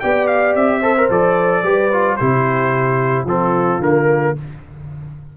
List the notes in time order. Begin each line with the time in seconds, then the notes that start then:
0.00 B3 G4 D5 G5
0.27 F5
0.55 C4 E5
0.79 A4 C5
0.97 A#4
1.10 F3 A4 D5
1.63 G3 G4 B4
1.92 F4
2.17 C3 E4 G4 C5
3.25 F3 C4 F4 A4
3.80 D3 A#3 A#4